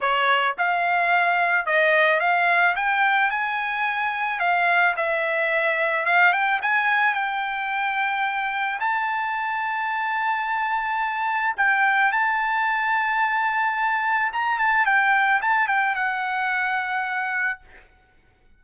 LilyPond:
\new Staff \with { instrumentName = "trumpet" } { \time 4/4 \tempo 4 = 109 cis''4 f''2 dis''4 | f''4 g''4 gis''2 | f''4 e''2 f''8 g''8 | gis''4 g''2. |
a''1~ | a''4 g''4 a''2~ | a''2 ais''8 a''8 g''4 | a''8 g''8 fis''2. | }